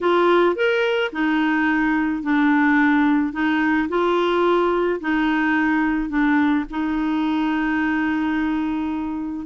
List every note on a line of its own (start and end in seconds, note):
0.01 0.55 F4
0.55 1.11 A#4
1.12 2.22 D#4
2.22 3.32 D4
3.32 3.88 D#4
3.88 4.99 F4
5.00 6.09 D#4
6.09 6.64 D4
6.70 9.46 D#4